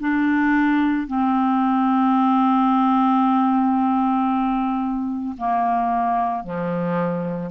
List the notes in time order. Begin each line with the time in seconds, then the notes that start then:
0.00 D4
1.07 C4
5.38 A#3
6.43 F3